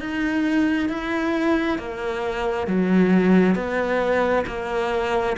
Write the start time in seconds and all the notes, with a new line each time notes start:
0.00 D#4
0.89 E4
1.78 A#3
2.67 F#3
3.55 B3
4.47 A#3